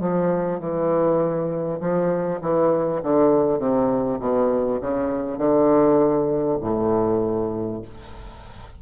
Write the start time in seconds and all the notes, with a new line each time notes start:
0.00 F3
0.59 E3
1.80 F3
2.41 E3
3.03 D3
3.58 C3
4.19 B2
4.81 C#3
5.37 D3
6.61 A2